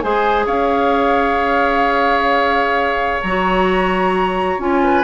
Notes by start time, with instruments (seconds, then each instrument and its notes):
0.00 bassoon G#3, clarinet G#4, oboe C5, flute G#5
0.46 bassoon C#4, oboe C#5, flute F5
3.21 bassoon F#3, clarinet F#4, flute A#5
4.58 bassoon C#4, clarinet F4, flute G#5
4.83 oboe B4